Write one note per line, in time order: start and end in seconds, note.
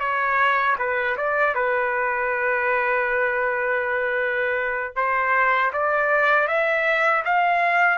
0.00 0.76 C#5
0.78 1.16 B4
1.17 1.55 D5
1.55 4.96 B4
4.96 5.72 C5
5.73 6.48 D5
6.48 7.24 E5
7.25 7.98 F5